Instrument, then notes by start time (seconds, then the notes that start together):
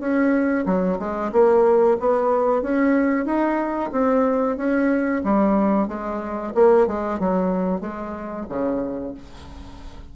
bassoon
0.00 C#4
0.66 F#3
0.99 G#3
1.32 A#3
2.00 B3
2.62 C#4
3.25 D#4
3.92 C4
4.57 C#4
5.24 G3
5.88 G#3
6.55 A#3
6.87 G#3
7.19 F#3
7.81 G#3
8.49 C#3